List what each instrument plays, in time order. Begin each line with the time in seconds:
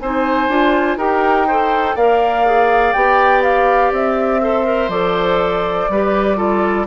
0.00 bassoon C4, clarinet D#4, oboe C5, flute G#5
0.49 bassoon D4, clarinet F4
0.97 bassoon D#4, clarinet G4, oboe A#4, flute G5
1.47 clarinet A4, oboe C5
1.96 bassoon A#3, clarinet A#4, oboe D5, flute F5
2.46 clarinet G#4
2.93 bassoon B3, clarinet G4, flute G5
3.43 flute F5
3.92 bassoon C4, flute E5
4.41 clarinet A4, oboe C5
4.65 clarinet A#4
4.88 bassoon F3, clarinet A4, flute D5
5.89 bassoon G3, clarinet G4, oboe B4
6.36 clarinet F4, oboe A4